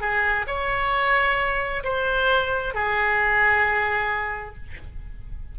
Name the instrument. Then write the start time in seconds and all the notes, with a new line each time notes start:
oboe
0.00 G#4
0.47 C#5
1.83 C5
2.74 G#4